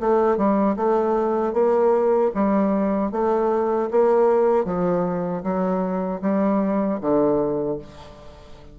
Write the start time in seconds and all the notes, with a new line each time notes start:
0.00 A3
0.37 G3
0.76 A3
1.53 A#3
2.34 G3
3.11 A3
3.91 A#3
4.65 F3
5.43 F#3
6.22 G3
7.01 D3